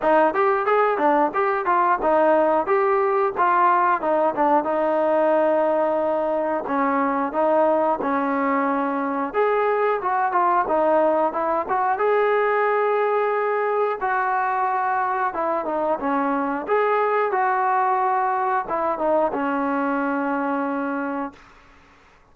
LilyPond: \new Staff \with { instrumentName = "trombone" } { \time 4/4 \tempo 4 = 90 dis'8 g'8 gis'8 d'8 g'8 f'8 dis'4 | g'4 f'4 dis'8 d'8 dis'4~ | dis'2 cis'4 dis'4 | cis'2 gis'4 fis'8 f'8 |
dis'4 e'8 fis'8 gis'2~ | gis'4 fis'2 e'8 dis'8 | cis'4 gis'4 fis'2 | e'8 dis'8 cis'2. | }